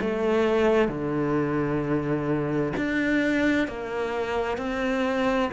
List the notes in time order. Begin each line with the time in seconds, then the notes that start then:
0.00 A3
0.88 D3
2.77 D4
3.67 A#3
4.57 C4